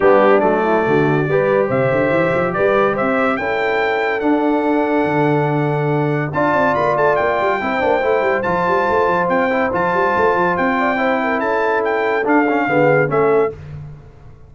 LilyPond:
<<
  \new Staff \with { instrumentName = "trumpet" } { \time 4/4 \tempo 4 = 142 g'4 d''2. | e''2 d''4 e''4 | g''2 fis''2~ | fis''2. a''4 |
b''8 a''8 g''2. | a''2 g''4 a''4~ | a''4 g''2 a''4 | g''4 f''2 e''4 | }
  \new Staff \with { instrumentName = "horn" } { \time 4/4 d'4. e'8 fis'4 b'4 | c''2 b'4 c''4 | a'1~ | a'2. d''4~ |
d''2 c''2~ | c''1~ | c''4. d''8 c''8 ais'8 a'4~ | a'2 gis'4 a'4 | }
  \new Staff \with { instrumentName = "trombone" } { \time 4/4 b4 a2 g'4~ | g'1 | e'2 d'2~ | d'2. f'4~ |
f'2 e'8 d'8 e'4 | f'2~ f'8 e'8 f'4~ | f'2 e'2~ | e'4 d'8 cis'8 b4 cis'4 | }
  \new Staff \with { instrumentName = "tuba" } { \time 4/4 g4 fis4 d4 g4 | c8 d8 e8 f8 g4 c'4 | cis'2 d'2 | d2. d'8 c'8 |
ais8 a8 ais8 g8 c'8 ais8 a8 g8 | f8 g8 a8 f8 c'4 f8 g8 | a8 f8 c'2 cis'4~ | cis'4 d'4 d4 a4 | }
>>